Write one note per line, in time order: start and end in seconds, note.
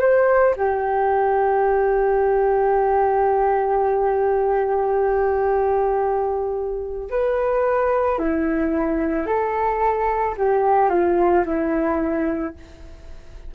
0.00 0.55 C5
0.57 7.11 G4
7.11 8.19 B4
8.19 9.27 E4
9.27 10.36 A4
10.38 10.90 G4
10.90 11.44 F4
11.45 12.55 E4